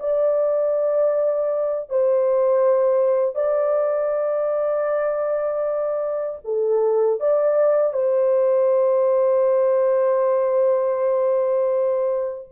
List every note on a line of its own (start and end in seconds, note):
0.00 1.90 D5
1.90 3.35 C5
3.35 6.39 D5
6.45 7.20 A4
7.20 7.93 D5
7.93 12.49 C5